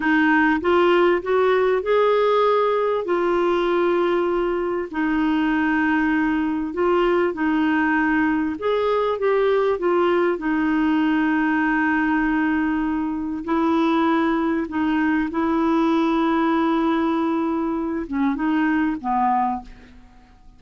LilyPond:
\new Staff \with { instrumentName = "clarinet" } { \time 4/4 \tempo 4 = 98 dis'4 f'4 fis'4 gis'4~ | gis'4 f'2. | dis'2. f'4 | dis'2 gis'4 g'4 |
f'4 dis'2.~ | dis'2 e'2 | dis'4 e'2.~ | e'4. cis'8 dis'4 b4 | }